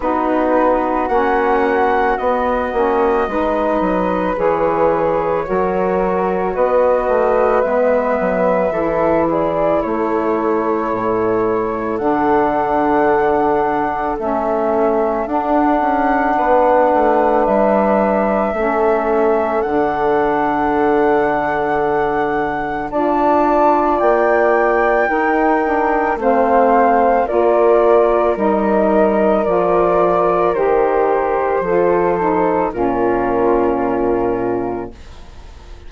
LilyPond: <<
  \new Staff \with { instrumentName = "flute" } { \time 4/4 \tempo 4 = 55 b'4 fis''4 dis''2 | cis''2 dis''4 e''4~ | e''8 d''8 cis''2 fis''4~ | fis''4 e''4 fis''2 |
e''2 fis''2~ | fis''4 a''4 g''2 | f''4 d''4 dis''4 d''4 | c''2 ais'2 | }
  \new Staff \with { instrumentName = "flute" } { \time 4/4 fis'2. b'4~ | b'4 ais'4 b'2 | a'8 gis'8 a'2.~ | a'2. b'4~ |
b'4 a'2.~ | a'4 d''2 ais'4 | c''4 ais'2.~ | ais'4 a'4 f'2 | }
  \new Staff \with { instrumentName = "saxophone" } { \time 4/4 dis'4 cis'4 b8 cis'8 dis'4 | gis'4 fis'2 b4 | e'2. d'4~ | d'4 cis'4 d'2~ |
d'4 cis'4 d'2~ | d'4 f'2 dis'8 d'8 | c'4 f'4 dis'4 f'4 | g'4 f'8 dis'8 cis'2 | }
  \new Staff \with { instrumentName = "bassoon" } { \time 4/4 b4 ais4 b8 ais8 gis8 fis8 | e4 fis4 b8 a8 gis8 fis8 | e4 a4 a,4 d4~ | d4 a4 d'8 cis'8 b8 a8 |
g4 a4 d2~ | d4 d'4 ais4 dis'4 | a4 ais4 g4 f4 | dis4 f4 ais,2 | }
>>